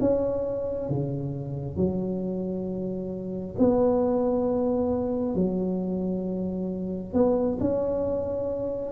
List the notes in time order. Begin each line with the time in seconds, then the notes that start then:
0.00 C#4
0.89 C#3
1.76 F#3
3.59 B3
5.35 F#3
7.13 B3
7.60 C#4